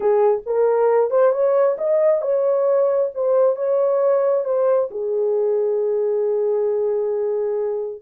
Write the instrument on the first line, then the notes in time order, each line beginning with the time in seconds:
horn
0.00 G#4
0.46 A#4
1.10 C5
1.32 C#5
1.78 D#5
2.21 C#5
3.14 C5
3.56 C#5
4.44 C5
4.91 G#4